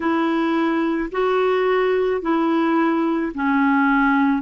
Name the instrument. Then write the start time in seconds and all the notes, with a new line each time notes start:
clarinet
0.00 E4
1.11 F#4
2.21 E4
3.34 C#4